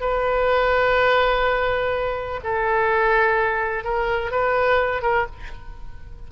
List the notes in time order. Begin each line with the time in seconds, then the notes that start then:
0.00 B4
2.43 A4
3.84 A#4
4.31 B4
5.01 A#4